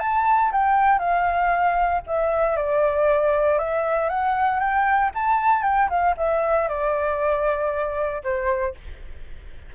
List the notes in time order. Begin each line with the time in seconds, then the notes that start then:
0.00 A5
0.52 G5
0.99 F5
2.07 E5
2.57 D5
3.59 E5
4.09 F#5
4.60 G5
5.15 A5
5.63 G5
5.90 F5
6.18 E5
6.69 D5
8.24 C5